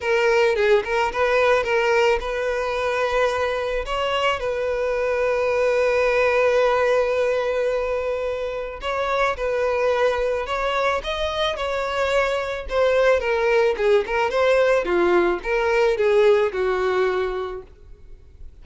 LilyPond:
\new Staff \with { instrumentName = "violin" } { \time 4/4 \tempo 4 = 109 ais'4 gis'8 ais'8 b'4 ais'4 | b'2. cis''4 | b'1~ | b'1 |
cis''4 b'2 cis''4 | dis''4 cis''2 c''4 | ais'4 gis'8 ais'8 c''4 f'4 | ais'4 gis'4 fis'2 | }